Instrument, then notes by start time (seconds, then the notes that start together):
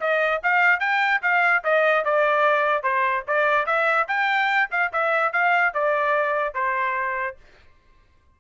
trumpet
0.00 D#5
0.43 F5
0.80 G5
1.22 F5
1.64 D#5
2.04 D5
2.83 C5
3.27 D5
3.66 E5
4.08 G5
4.71 F5
4.92 E5
5.33 F5
5.74 D5
6.54 C5